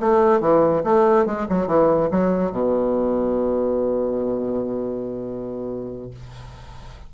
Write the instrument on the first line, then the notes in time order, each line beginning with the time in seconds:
bassoon
0.00 A3
0.40 E3
0.84 A3
1.26 G#3
1.49 F#3
1.67 E3
2.11 F#3
2.52 B2